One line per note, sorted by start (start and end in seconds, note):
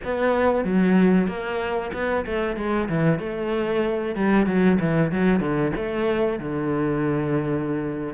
0.04 0.64 B3
0.64 1.27 F#3
1.27 1.91 A#3
1.93 2.25 B3
2.25 2.56 A3
2.56 2.88 G#3
2.88 3.19 E3
3.19 4.15 A3
4.15 4.46 G3
4.46 4.78 F#3
4.80 5.11 E3
5.11 5.40 F#3
5.40 5.72 D3
5.76 6.39 A3
6.39 8.14 D3